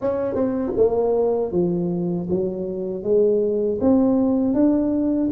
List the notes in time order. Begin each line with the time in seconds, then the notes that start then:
0.01 C#4
0.34 C4
0.77 A#3
1.52 F3
2.29 F#3
3.03 G#3
3.80 C4
4.54 D4